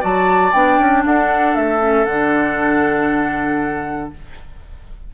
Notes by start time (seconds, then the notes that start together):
0.00 F#3 F#4 D5 A5
0.53 B3 D4 G5
0.79 C#4
1.05 D4 A4 F#5
1.55 A3 E5
1.80 C#4
2.05 D3 D4 F#5